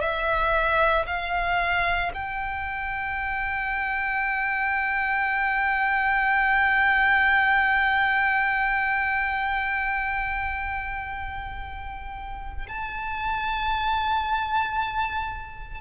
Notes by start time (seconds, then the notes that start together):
0.00 E5
1.06 F5
2.13 G5
12.68 A5